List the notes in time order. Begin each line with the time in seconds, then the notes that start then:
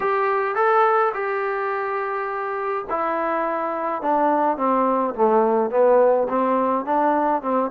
0.00 G4
0.55 A4
1.14 G4
2.89 E4
4.02 D4
4.57 C4
5.14 A3
5.70 B3
6.28 C4
6.85 D4
7.42 C4